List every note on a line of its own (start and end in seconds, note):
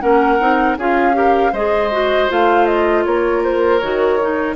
0.00 0.39 A#3
0.00 0.38 C#4
0.00 0.77 A#4
0.00 0.76 F#5
0.39 0.77 C4
0.39 0.77 D#4
0.77 1.52 C#4
0.77 1.13 F4
0.77 1.15 G#4
0.77 1.54 F5
1.13 1.51 G4
1.13 1.52 A#4
1.52 2.28 G#3
1.52 1.91 G#4
1.52 3.03 C5
1.52 2.30 D#5
1.91 2.28 F#4
2.28 3.05 A3
2.28 3.80 F4
2.28 2.65 F5
2.65 3.03 D#5
3.04 3.81 A#3
3.04 4.55 A#4
3.04 3.42 C#5
3.44 3.79 C5
3.79 4.55 D#3
3.79 4.19 F#4
3.79 4.55 C#5
4.20 4.55 D#4